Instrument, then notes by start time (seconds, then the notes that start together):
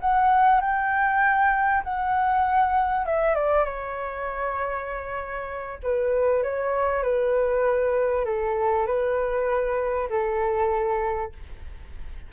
flute
0.00 F#5
0.61 G5
1.84 F#5
3.06 E5
3.35 D5
3.65 C#5
5.83 B4
6.43 C#5
7.03 B4
8.25 A4
8.87 B4
10.10 A4